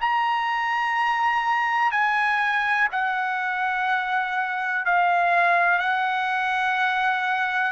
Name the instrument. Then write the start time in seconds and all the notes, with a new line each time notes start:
trumpet
0.00 A#5
1.91 G#5
2.92 F#5
4.85 F5
5.79 F#5